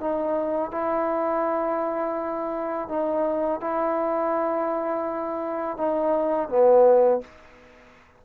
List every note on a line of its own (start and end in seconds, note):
0.00 0.71 D#4
0.71 2.88 E4
2.88 3.60 D#4
3.60 5.77 E4
5.77 6.48 D#4
6.48 7.21 B3